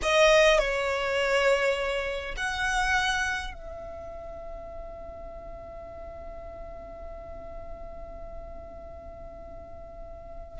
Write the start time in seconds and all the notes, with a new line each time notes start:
0.02 D#5
0.58 C#5
2.36 F#5
3.53 E5